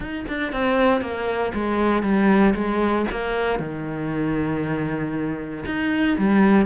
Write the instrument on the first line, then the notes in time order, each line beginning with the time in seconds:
cello
0.00 D#4
0.28 D4
0.52 C4
1.01 A#3
1.53 G#3
2.02 G3
2.54 G#3
3.11 A#3
3.59 D#3
5.65 D#4
6.18 G3